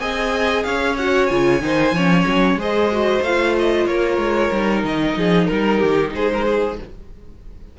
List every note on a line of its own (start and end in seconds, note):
0.00 0.65 C4
0.00 0.97 G#4
0.00 0.66 D#5
0.00 0.64 G#5
0.64 1.31 C#4
0.64 1.63 C#5
0.64 0.96 F5
0.97 1.29 F#4
0.97 1.27 F#5
1.27 1.61 C#3
1.27 1.61 F4
1.27 2.56 G#5
1.61 1.92 D#3
1.61 1.94 D#4
1.61 1.95 C5
1.92 2.24 F3
1.92 2.60 C#4
1.92 2.60 C#5
2.27 2.55 F#3
2.55 3.20 G#3
2.55 2.92 G#4
2.55 3.89 C5
2.62 3.24 D#5
2.92 3.25 F#4
3.22 3.86 A3
3.22 4.52 F4
3.22 3.56 F5
3.59 3.86 D#5
3.86 4.18 A#3
3.86 5.18 A#4
3.86 4.83 C#5
4.18 4.50 G#3
4.52 4.84 G3
4.52 6.78 D#4
4.84 5.16 D#3
4.84 5.47 D#5
5.17 5.49 F3
5.17 5.48 G#4
5.47 5.83 G3
5.47 6.11 A#4
5.47 5.79 A#4
5.79 6.15 D#3
5.79 6.11 G4
6.15 6.79 G#3
6.15 6.32 G#4
6.15 6.79 C5
6.33 6.45 A#4
6.45 6.78 G#4